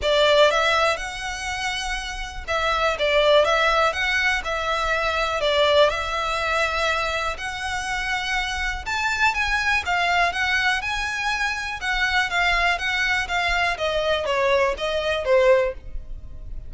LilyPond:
\new Staff \with { instrumentName = "violin" } { \time 4/4 \tempo 4 = 122 d''4 e''4 fis''2~ | fis''4 e''4 d''4 e''4 | fis''4 e''2 d''4 | e''2. fis''4~ |
fis''2 a''4 gis''4 | f''4 fis''4 gis''2 | fis''4 f''4 fis''4 f''4 | dis''4 cis''4 dis''4 c''4 | }